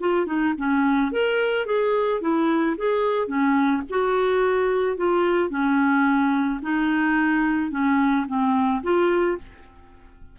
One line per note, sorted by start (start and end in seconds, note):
0.00 0.26 F4
0.26 0.53 D#4
0.57 1.11 C#4
1.11 1.66 A#4
1.66 2.21 G#4
2.21 2.76 E4
2.77 3.27 G#4
3.27 3.82 C#4
3.89 4.97 F#4
4.97 5.50 F4
5.50 6.60 C#4
6.62 7.71 D#4
7.71 8.26 C#4
8.27 8.82 C4
8.82 9.38 F4